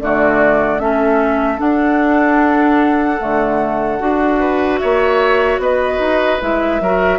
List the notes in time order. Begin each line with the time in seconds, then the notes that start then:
0.00 D3 A3 F#4 D5
0.79 A3 C#4 A4 E5
1.58 D4 F#5
3.19 D3 A3
3.99 D4 F#4
4.40 B4
4.79 A#3 C#5 E5
5.58 B3 B4 D#5
5.99 D#4
6.41 G#3 E4 E5
6.81 F#3 F#4 A#4